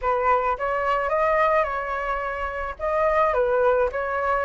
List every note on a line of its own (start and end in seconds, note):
0.01 0.57 B4
0.57 1.09 C#5
1.09 1.63 D#5
1.63 2.74 C#5
2.79 3.33 D#5
3.33 3.89 B4
3.91 4.45 C#5